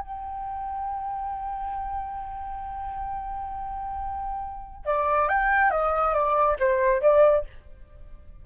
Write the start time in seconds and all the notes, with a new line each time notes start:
0.00 G5
4.86 D5
5.29 G5
5.71 D#5
6.14 D5
6.60 C5
7.02 D5